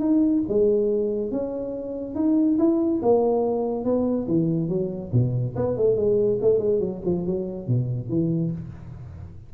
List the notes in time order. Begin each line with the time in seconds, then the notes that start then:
0.00 D#4
0.49 G#3
1.32 C#4
2.15 D#4
2.59 E4
3.03 A#3
3.85 B3
4.28 E3
4.69 F#3
5.13 B2
5.56 B3
5.77 A3
5.97 G#3
6.42 A3
6.59 G#3
6.80 F#3
7.05 F3
7.26 F#3
7.68 B2
8.09 E3